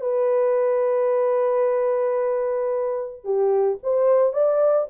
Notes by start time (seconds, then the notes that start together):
0.00 B4
3.24 G4
3.83 C5
4.33 D5